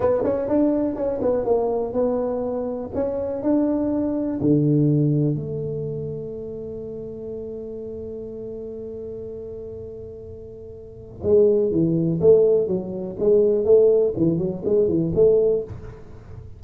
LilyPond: \new Staff \with { instrumentName = "tuba" } { \time 4/4 \tempo 4 = 123 b8 cis'8 d'4 cis'8 b8 ais4 | b2 cis'4 d'4~ | d'4 d2 a4~ | a1~ |
a1~ | a2. gis4 | e4 a4 fis4 gis4 | a4 e8 fis8 gis8 e8 a4 | }